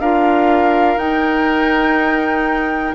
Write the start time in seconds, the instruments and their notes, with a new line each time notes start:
0.00 bassoon D4, clarinet F4, oboe A#4, flute F5
0.97 bassoon D#4, clarinet D#4, flute G5